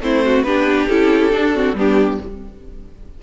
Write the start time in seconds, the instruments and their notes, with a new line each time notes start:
0.00 cello A3, viola C4, violin E4 C5
0.25 violin F#4
0.43 cello B3, viola D4, violin G4 B4
0.88 cello C#4, viola E4, violin A4
1.31 viola D4, cello D4
1.54 viola C4, violin F#4
1.73 cello G3, viola B3, violin D4 G4